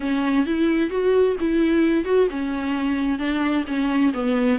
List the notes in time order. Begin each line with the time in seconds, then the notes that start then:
0.00 C#4
0.45 E4
0.90 F#4
1.40 E4
2.05 F#4
2.30 C#4
3.18 D4
3.67 C#4
4.13 B3